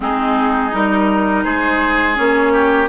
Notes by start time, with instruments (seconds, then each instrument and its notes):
0.00 bassoon G#3, clarinet C4, oboe D#4, flute G#4
0.71 bassoon G3, clarinet D#4, flute A#4
1.43 bassoon G#3, oboe G#4, flute C5
2.15 bassoon A#3, clarinet C#4, flute C#5
2.53 oboe G4